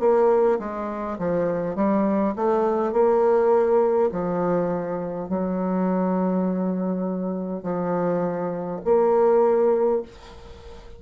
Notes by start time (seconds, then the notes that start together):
0.00 A#3
0.59 G#3
1.19 F3
1.76 G3
2.36 A3
2.93 A#3
4.12 F3
5.29 F#3
7.64 F3
8.85 A#3